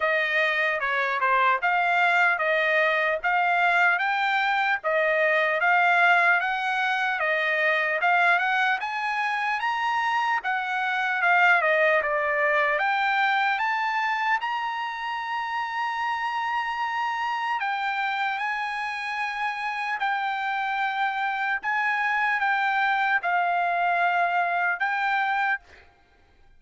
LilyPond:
\new Staff \with { instrumentName = "trumpet" } { \time 4/4 \tempo 4 = 75 dis''4 cis''8 c''8 f''4 dis''4 | f''4 g''4 dis''4 f''4 | fis''4 dis''4 f''8 fis''8 gis''4 | ais''4 fis''4 f''8 dis''8 d''4 |
g''4 a''4 ais''2~ | ais''2 g''4 gis''4~ | gis''4 g''2 gis''4 | g''4 f''2 g''4 | }